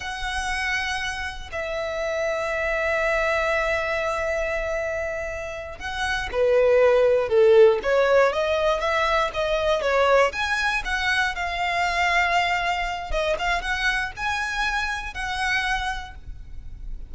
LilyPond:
\new Staff \with { instrumentName = "violin" } { \time 4/4 \tempo 4 = 119 fis''2. e''4~ | e''1~ | e''2.~ e''8 fis''8~ | fis''8 b'2 a'4 cis''8~ |
cis''8 dis''4 e''4 dis''4 cis''8~ | cis''8 gis''4 fis''4 f''4.~ | f''2 dis''8 f''8 fis''4 | gis''2 fis''2 | }